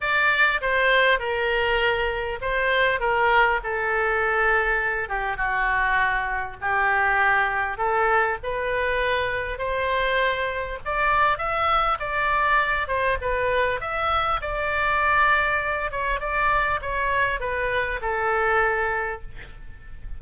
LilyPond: \new Staff \with { instrumentName = "oboe" } { \time 4/4 \tempo 4 = 100 d''4 c''4 ais'2 | c''4 ais'4 a'2~ | a'8 g'8 fis'2 g'4~ | g'4 a'4 b'2 |
c''2 d''4 e''4 | d''4. c''8 b'4 e''4 | d''2~ d''8 cis''8 d''4 | cis''4 b'4 a'2 | }